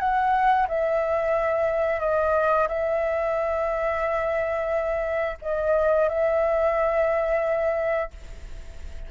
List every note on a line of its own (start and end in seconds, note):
0.00 0.67 F#5
0.69 2.00 E5
2.00 2.68 D#5
2.68 5.38 E5
5.42 6.09 D#5
6.09 8.11 E5